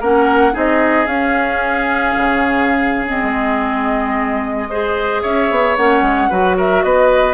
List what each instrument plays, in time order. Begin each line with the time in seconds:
0.00 bassoon A#3, clarinet C#4, oboe A#4, flute F#5
0.52 bassoon C4, clarinet D#4, oboe G#4, flute D#5
1.06 bassoon C#4, clarinet C#4, flute F5
2.16 bassoon C#3
3.06 clarinet C4, flute D#5
3.22 bassoon G#3
4.70 clarinet G#4, oboe C5
5.22 bassoon C#4, oboe C#5, flute E5
5.50 bassoon B3
5.76 bassoon A#3, clarinet C#4, flute F#5
6.02 bassoon G#3
6.29 bassoon F#3, clarinet F#4, oboe B4
6.57 oboe A#4, flute E5
6.82 bassoon B3, oboe B4, flute D#5